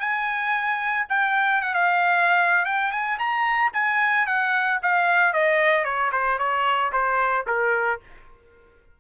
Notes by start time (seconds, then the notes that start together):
0.00 G#5
1.09 G5
1.62 F#5
1.74 F5
2.65 G5
2.92 G#5
3.19 A#5
3.74 G#5
4.26 F#5
4.83 F5
5.33 D#5
5.84 C#5
6.12 C5
6.38 C#5
6.93 C5
7.47 A#4